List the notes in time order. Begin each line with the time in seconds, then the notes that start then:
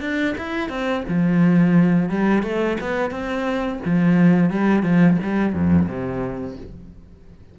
0.00 D4
0.38 E4
0.69 C4
1.08 F3
2.09 G3
2.42 A3
2.80 B3
3.10 C4
3.85 F3
4.50 G3
4.83 F3
5.23 G3
5.53 F2
5.88 C3